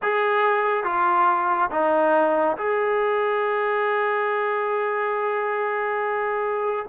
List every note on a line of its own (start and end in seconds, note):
0.02 0.84 G#4
0.84 1.69 F4
1.71 2.56 D#4
2.57 6.85 G#4